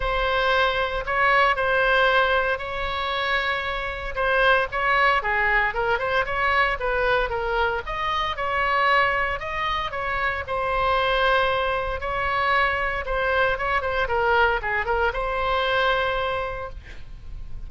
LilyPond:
\new Staff \with { instrumentName = "oboe" } { \time 4/4 \tempo 4 = 115 c''2 cis''4 c''4~ | c''4 cis''2. | c''4 cis''4 gis'4 ais'8 c''8 | cis''4 b'4 ais'4 dis''4 |
cis''2 dis''4 cis''4 | c''2. cis''4~ | cis''4 c''4 cis''8 c''8 ais'4 | gis'8 ais'8 c''2. | }